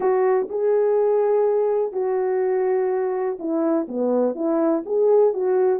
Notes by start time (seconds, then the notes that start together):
0.00 F#4
0.49 G#4
1.92 F#4
3.39 E4
3.88 B3
4.35 E4
4.85 G#4
5.33 F#4